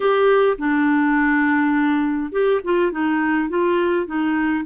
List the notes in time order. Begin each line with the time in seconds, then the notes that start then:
0.00 G4
0.57 D4
2.31 G4
2.63 F4
2.91 D#4
3.49 F4
4.06 D#4